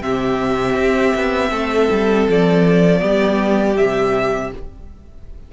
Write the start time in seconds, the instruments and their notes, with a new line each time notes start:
0.00 cello C3, viola C4, violin G4 E5
0.75 cello C4
1.15 cello B3
1.50 cello A3, violin A4
1.90 cello G3
2.28 cello F3, violin D5
2.99 cello G3, viola B3, violin G4
3.77 cello C3, viola G3, violin E5